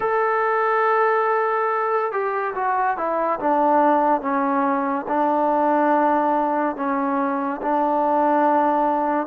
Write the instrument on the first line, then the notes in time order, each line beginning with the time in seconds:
trombone
0.00 A4
2.11 G4
2.55 F#4
2.97 E4
3.39 D4
4.21 C#4
5.08 D4
6.76 C#4
7.61 D4